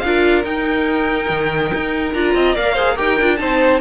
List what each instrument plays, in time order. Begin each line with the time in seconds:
0.00 cello D4, viola F4, violin A#4 F5
0.43 viola D#4, cello D#4, violin G5
1.29 cello D#3
1.74 cello D#4
2.13 cello D4, viola F4, violin A#5
2.35 cello C4, violin D#5
2.54 cello A#3, viola A#4, violin D5 F5
2.74 viola G#4, violin C5
2.95 cello D#4, viola G4, violin A#4 G5
3.21 cello D4, viola F4
3.37 cello C4, viola D#4, violin C5 A5